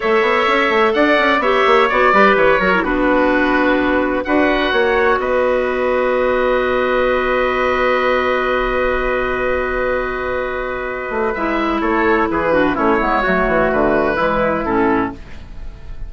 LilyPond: <<
  \new Staff \with { instrumentName = "oboe" } { \time 4/4 \tempo 4 = 127 e''2 fis''4 e''4 | d''4 cis''4 b'2~ | b'4 fis''2 dis''4~ | dis''1~ |
dis''1~ | dis''1 | e''4 cis''4 b'4 cis''4~ | cis''4 b'2 a'4 | }
  \new Staff \with { instrumentName = "trumpet" } { \time 4/4 cis''2 d''4 cis''4~ | cis''8 b'4 ais'8 fis'2~ | fis'4 b'4 cis''4 b'4~ | b'1~ |
b'1~ | b'1~ | b'4 a'4 gis'8 fis'8 e'4 | fis'2 e'2 | }
  \new Staff \with { instrumentName = "clarinet" } { \time 4/4 a'2. g'4 | fis'8 g'4 fis'16 e'16 d'2~ | d'4 fis'2.~ | fis'1~ |
fis'1~ | fis'1 | e'2~ e'8 d'8 cis'8 b8 | a2 gis4 cis'4 | }
  \new Staff \with { instrumentName = "bassoon" } { \time 4/4 a8 b8 cis'8 a8 d'8 cis'8 b8 ais8 | b8 g8 e8 fis8 b2~ | b4 d'4 ais4 b4~ | b1~ |
b1~ | b2.~ b8 a8 | gis4 a4 e4 a8 gis8 | fis8 e8 d4 e4 a,4 | }
>>